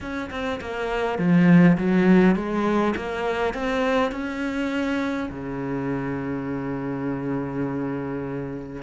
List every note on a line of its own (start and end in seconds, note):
0.00 0.30 C#4
0.30 0.59 C4
0.60 1.18 A#3
1.18 1.77 F3
1.77 2.35 F#3
2.35 2.94 G#3
2.96 3.53 A#3
3.53 4.11 C4
4.11 5.29 C#4
5.30 8.82 C#3